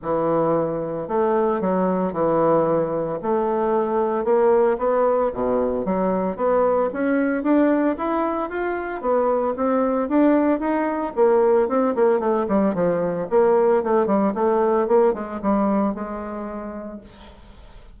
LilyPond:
\new Staff \with { instrumentName = "bassoon" } { \time 4/4 \tempo 4 = 113 e2 a4 fis4 | e2 a2 | ais4 b4 b,4 fis4 | b4 cis'4 d'4 e'4 |
f'4 b4 c'4 d'4 | dis'4 ais4 c'8 ais8 a8 g8 | f4 ais4 a8 g8 a4 | ais8 gis8 g4 gis2 | }